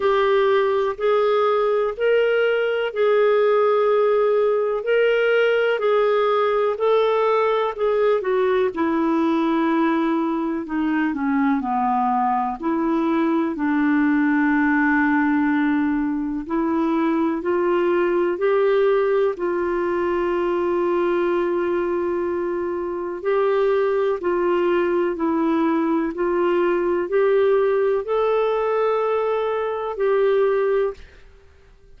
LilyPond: \new Staff \with { instrumentName = "clarinet" } { \time 4/4 \tempo 4 = 62 g'4 gis'4 ais'4 gis'4~ | gis'4 ais'4 gis'4 a'4 | gis'8 fis'8 e'2 dis'8 cis'8 | b4 e'4 d'2~ |
d'4 e'4 f'4 g'4 | f'1 | g'4 f'4 e'4 f'4 | g'4 a'2 g'4 | }